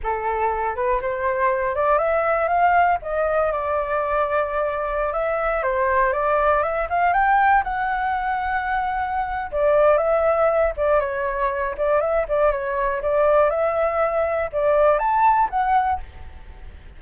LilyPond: \new Staff \with { instrumentName = "flute" } { \time 4/4 \tempo 4 = 120 a'4. b'8 c''4. d''8 | e''4 f''4 dis''4 d''4~ | d''2~ d''16 e''4 c''8.~ | c''16 d''4 e''8 f''8 g''4 fis''8.~ |
fis''2. d''4 | e''4. d''8 cis''4. d''8 | e''8 d''8 cis''4 d''4 e''4~ | e''4 d''4 a''4 fis''4 | }